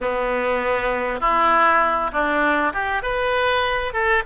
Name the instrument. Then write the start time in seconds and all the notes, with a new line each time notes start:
oboe
0.01 B3
1.20 E4
2.12 D4
2.73 G4
3.02 B4
3.93 A4